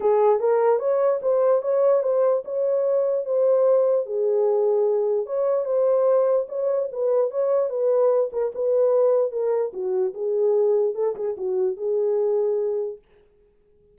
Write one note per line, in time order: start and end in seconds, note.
0.00 0.39 G#4
0.39 0.79 A#4
0.79 1.20 C#5
1.22 1.62 C5
1.62 2.02 C#5
2.02 2.43 C5
2.45 3.25 C#5
3.25 4.05 C5
4.05 5.26 G#4
5.26 5.65 C#5
5.65 6.46 C5
6.48 6.89 C#5
6.91 7.30 B4
7.30 7.69 C#5
7.69 8.30 B4
8.32 8.52 A#4
8.54 9.31 B4
9.31 9.72 A#4
9.73 10.13 F#4
10.14 10.95 G#4
10.95 11.15 A4
11.15 11.35 G#4
11.37 11.76 F#4
11.76 12.98 G#4